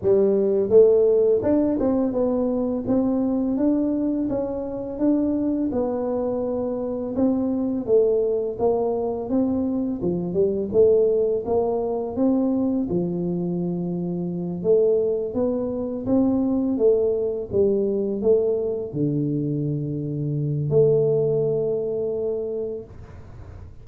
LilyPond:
\new Staff \with { instrumentName = "tuba" } { \time 4/4 \tempo 4 = 84 g4 a4 d'8 c'8 b4 | c'4 d'4 cis'4 d'4 | b2 c'4 a4 | ais4 c'4 f8 g8 a4 |
ais4 c'4 f2~ | f8 a4 b4 c'4 a8~ | a8 g4 a4 d4.~ | d4 a2. | }